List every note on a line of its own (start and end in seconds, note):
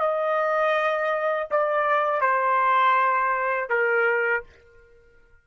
0.00 1.48 D#5
1.51 2.22 D5
2.22 3.70 C5
3.70 4.44 A#4